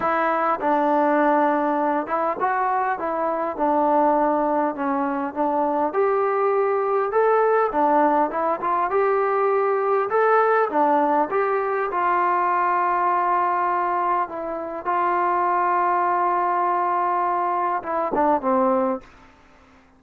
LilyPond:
\new Staff \with { instrumentName = "trombone" } { \time 4/4 \tempo 4 = 101 e'4 d'2~ d'8 e'8 | fis'4 e'4 d'2 | cis'4 d'4 g'2 | a'4 d'4 e'8 f'8 g'4~ |
g'4 a'4 d'4 g'4 | f'1 | e'4 f'2.~ | f'2 e'8 d'8 c'4 | }